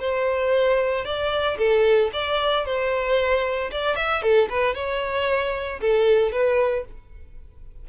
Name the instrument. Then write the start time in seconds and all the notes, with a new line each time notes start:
violin
0.00 C5
1.05 D5
1.58 A4
2.13 D5
2.66 C5
3.72 D5
3.96 E5
4.23 A4
4.50 B4
4.75 C#5
5.81 A4
6.32 B4